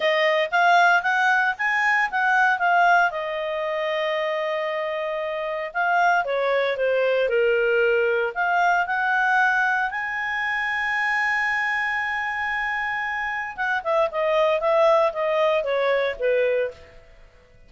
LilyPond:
\new Staff \with { instrumentName = "clarinet" } { \time 4/4 \tempo 4 = 115 dis''4 f''4 fis''4 gis''4 | fis''4 f''4 dis''2~ | dis''2. f''4 | cis''4 c''4 ais'2 |
f''4 fis''2 gis''4~ | gis''1~ | gis''2 fis''8 e''8 dis''4 | e''4 dis''4 cis''4 b'4 | }